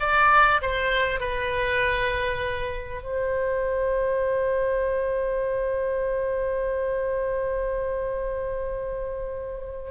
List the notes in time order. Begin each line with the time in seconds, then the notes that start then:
0.00 D5
0.62 C5
1.20 B4
3.03 C5